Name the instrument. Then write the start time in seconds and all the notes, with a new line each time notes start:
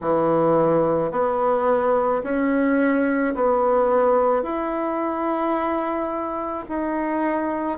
bassoon
0.01 E3
1.11 B3
2.23 C#4
3.34 B3
4.42 E4
6.69 D#4